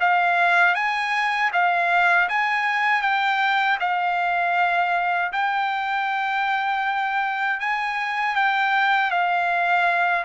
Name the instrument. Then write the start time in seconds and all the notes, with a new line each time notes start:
trumpet
0.00 F5
0.75 G#5
1.53 F5
2.29 G#5
3.02 G5
3.80 F5
5.33 G5
7.60 G#5
8.35 G5
9.11 F5